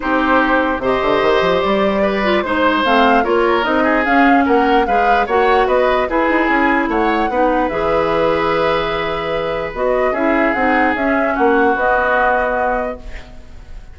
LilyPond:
<<
  \new Staff \with { instrumentName = "flute" } { \time 4/4 \tempo 4 = 148 c''2 dis''2 | d''2 c''4 f''4 | cis''4 dis''4 f''4 fis''4 | f''4 fis''4 dis''4 b'4 |
gis''4 fis''2 e''4~ | e''1 | dis''4 e''4 fis''4 e''4 | fis''4 dis''2. | }
  \new Staff \with { instrumentName = "oboe" } { \time 4/4 g'2 c''2~ | c''4 b'4 c''2 | ais'4. gis'4. ais'4 | b'4 cis''4 b'4 gis'4~ |
gis'4 cis''4 b'2~ | b'1~ | b'4 gis'2. | fis'1 | }
  \new Staff \with { instrumentName = "clarinet" } { \time 4/4 dis'2 g'2~ | g'4. f'8 dis'4 c'4 | f'4 dis'4 cis'2 | gis'4 fis'2 e'4~ |
e'2 dis'4 gis'4~ | gis'1 | fis'4 e'4 dis'4 cis'4~ | cis'4 b2. | }
  \new Staff \with { instrumentName = "bassoon" } { \time 4/4 c'2 c8 d8 dis8 f8 | g2 gis4 a4 | ais4 c'4 cis'4 ais4 | gis4 ais4 b4 e'8 dis'8 |
cis'4 a4 b4 e4~ | e1 | b4 cis'4 c'4 cis'4 | ais4 b2. | }
>>